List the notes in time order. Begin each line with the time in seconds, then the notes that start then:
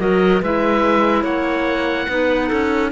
0.00 F#3 F#4 A#4 D#5
0.42 G#3 E4 B4 E5
1.23 A#3 C#5 F#5
2.09 B3 D#4 B4
2.48 C#4 A4